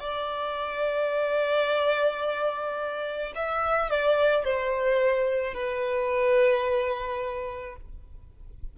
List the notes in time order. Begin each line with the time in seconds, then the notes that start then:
0.00 D5
3.36 E5
3.90 D5
4.45 C5
5.54 B4